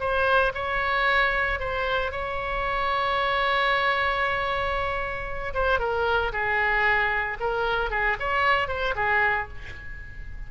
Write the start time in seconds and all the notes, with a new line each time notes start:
0.00 C5
0.55 C#5
1.60 C5
2.12 C#5
5.54 C5
5.79 A#4
6.33 G#4
7.40 A#4
7.91 G#4
8.20 C#5
8.68 C5
8.96 G#4